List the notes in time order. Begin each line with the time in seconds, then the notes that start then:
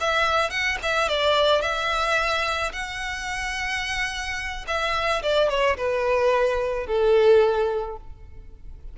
0.00 E5
0.50 F#5
0.83 E5
1.08 D5
1.61 E5
2.72 F#5
4.67 E5
5.22 D5
5.49 C#5
5.77 B4
6.86 A4